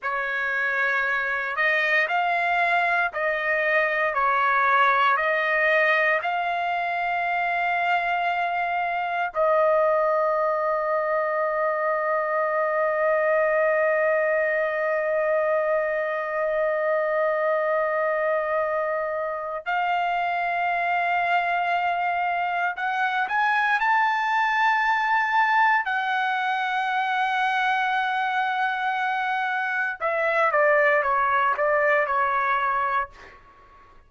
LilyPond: \new Staff \with { instrumentName = "trumpet" } { \time 4/4 \tempo 4 = 58 cis''4. dis''8 f''4 dis''4 | cis''4 dis''4 f''2~ | f''4 dis''2.~ | dis''1~ |
dis''2. f''4~ | f''2 fis''8 gis''8 a''4~ | a''4 fis''2.~ | fis''4 e''8 d''8 cis''8 d''8 cis''4 | }